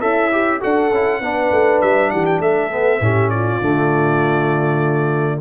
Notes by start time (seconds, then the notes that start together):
0.00 C#4 E4 A4 E5
0.31 G4
0.60 D4 F#4 A4 F#5
0.90 C#4 E4
1.20 B3 D4 B4
1.51 A3
1.81 G3 E5
2.10 E3 G4 F#5
2.25 G5
2.39 A3 A4 E5
2.71 B3
3.00 A2 C#4 G4
3.29 F4 D5
3.60 D3 A3